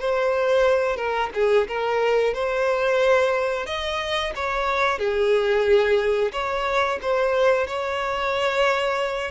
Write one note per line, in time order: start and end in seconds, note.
0.00 0.96 C5
0.96 1.30 A#4
1.34 1.68 G#4
1.68 2.34 A#4
2.34 3.66 C5
3.66 4.33 D#5
4.35 4.98 C#5
4.98 6.32 G#4
6.32 6.99 C#5
7.02 7.67 C5
7.67 9.31 C#5